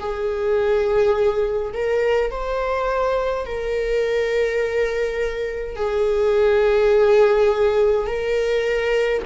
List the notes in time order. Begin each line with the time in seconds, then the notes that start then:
0.00 G#4
1.73 A#4
2.31 C5
3.46 A#4
5.76 G#4
8.07 A#4